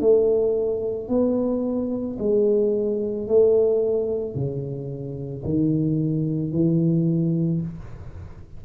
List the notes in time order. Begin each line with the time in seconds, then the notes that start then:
0.00 A3
1.09 B3
2.19 G#3
3.28 A3
4.35 C#3
5.45 D#3
6.52 E3